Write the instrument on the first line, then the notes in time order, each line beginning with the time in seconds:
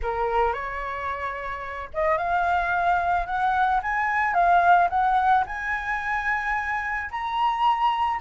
flute
0.02 A#4
0.53 C#5
1.93 D#5
2.17 F5
3.26 F#5
3.82 G#5
4.33 F5
4.89 F#5
5.46 G#5
7.10 A#5